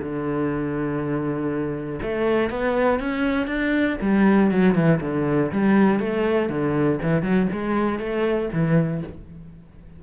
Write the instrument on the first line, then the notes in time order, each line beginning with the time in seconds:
cello
0.00 D3
2.03 A3
2.50 B3
3.00 C#4
3.47 D4
4.02 G3
4.51 F#3
4.75 E3
5.01 D3
5.52 G3
6.00 A3
6.50 D3
7.03 E3
7.23 F#3
7.52 G#3
7.99 A3
8.53 E3